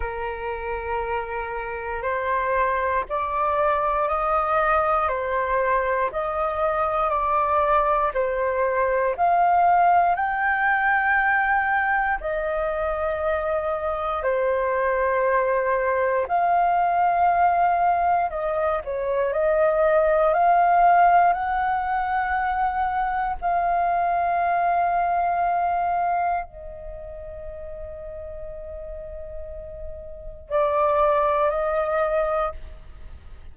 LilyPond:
\new Staff \with { instrumentName = "flute" } { \time 4/4 \tempo 4 = 59 ais'2 c''4 d''4 | dis''4 c''4 dis''4 d''4 | c''4 f''4 g''2 | dis''2 c''2 |
f''2 dis''8 cis''8 dis''4 | f''4 fis''2 f''4~ | f''2 dis''2~ | dis''2 d''4 dis''4 | }